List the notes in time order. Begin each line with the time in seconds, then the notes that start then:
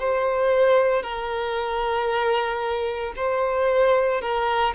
0.00 C5
1.03 A#4
3.17 C5
4.22 A#4